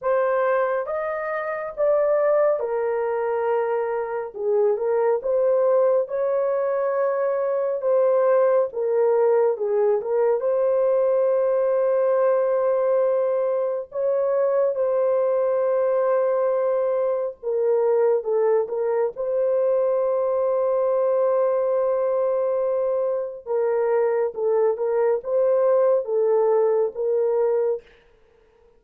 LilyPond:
\new Staff \with { instrumentName = "horn" } { \time 4/4 \tempo 4 = 69 c''4 dis''4 d''4 ais'4~ | ais'4 gis'8 ais'8 c''4 cis''4~ | cis''4 c''4 ais'4 gis'8 ais'8 | c''1 |
cis''4 c''2. | ais'4 a'8 ais'8 c''2~ | c''2. ais'4 | a'8 ais'8 c''4 a'4 ais'4 | }